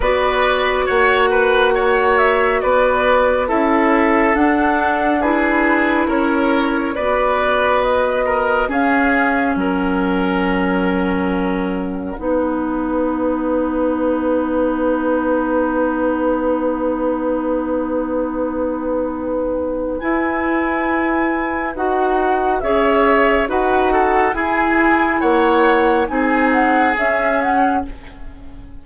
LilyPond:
<<
  \new Staff \with { instrumentName = "flute" } { \time 4/4 \tempo 4 = 69 d''4 fis''4. e''8 d''4 | e''4 fis''4 b'4 cis''4 | d''4 dis''4 f''4 fis''4~ | fis''1~ |
fis''1~ | fis''2. gis''4~ | gis''4 fis''4 e''4 fis''4 | gis''4 fis''4 gis''8 fis''8 e''8 fis''8 | }
  \new Staff \with { instrumentName = "oboe" } { \time 4/4 b'4 cis''8 b'8 cis''4 b'4 | a'2 gis'4 ais'4 | b'4. ais'8 gis'4 ais'4~ | ais'2 b'2~ |
b'1~ | b'1~ | b'2 cis''4 b'8 a'8 | gis'4 cis''4 gis'2 | }
  \new Staff \with { instrumentName = "clarinet" } { \time 4/4 fis'1 | e'4 d'4 e'2 | fis'2 cis'2~ | cis'2 dis'2~ |
dis'1~ | dis'2. e'4~ | e'4 fis'4 gis'4 fis'4 | e'2 dis'4 cis'4 | }
  \new Staff \with { instrumentName = "bassoon" } { \time 4/4 b4 ais2 b4 | cis'4 d'2 cis'4 | b2 cis'4 fis4~ | fis2 b2~ |
b1~ | b2. e'4~ | e'4 dis'4 cis'4 dis'4 | e'4 ais4 c'4 cis'4 | }
>>